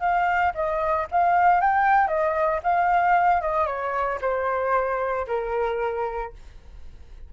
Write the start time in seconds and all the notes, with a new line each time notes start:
0.00 F5
0.54 D#5
1.11 F5
1.61 G5
2.07 D#5
2.63 F5
3.41 D#5
3.67 C#5
4.21 C5
5.27 A#4